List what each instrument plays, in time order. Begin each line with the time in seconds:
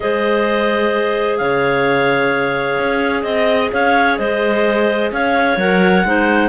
0.00 cello G#3, clarinet G#4 C5 D#5
1.37 cello C#3, clarinet C#5 F5
2.78 cello C#4
3.23 cello C4, clarinet D#5
3.72 cello C#4, clarinet C#5 F5
4.17 cello G#3, clarinet C5 D#5
5.11 cello C#4, clarinet C#5 F5
5.56 cello F#3, clarinet A#4 F#5
6.04 cello G#3, clarinet D#4 C5